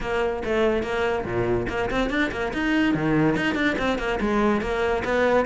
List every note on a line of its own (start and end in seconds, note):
0.00 0.42 A#3
0.44 0.82 A3
0.82 1.24 A#3
1.25 1.67 A#2
1.68 1.89 A#3
1.90 2.09 C4
2.09 2.30 D4
2.31 2.52 A#3
2.53 2.94 D#4
2.94 3.35 D#3
3.35 3.55 D#4
3.55 3.76 D4
3.78 3.98 C4
3.98 4.19 A#3
4.20 4.61 G#3
4.61 5.03 A#3
5.04 5.45 B3